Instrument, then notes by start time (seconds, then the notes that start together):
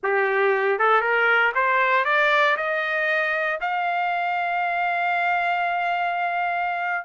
trumpet
0.03 G4
0.78 A4
1.01 A#4
1.55 C5
2.05 D5
2.56 D#5
3.60 F5